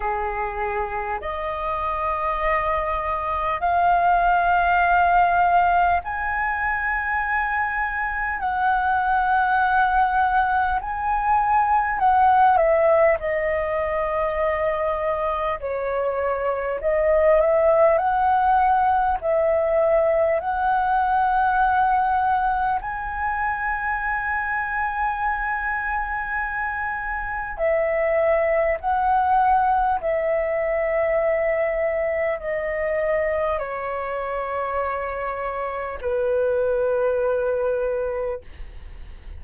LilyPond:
\new Staff \with { instrumentName = "flute" } { \time 4/4 \tempo 4 = 50 gis'4 dis''2 f''4~ | f''4 gis''2 fis''4~ | fis''4 gis''4 fis''8 e''8 dis''4~ | dis''4 cis''4 dis''8 e''8 fis''4 |
e''4 fis''2 gis''4~ | gis''2. e''4 | fis''4 e''2 dis''4 | cis''2 b'2 | }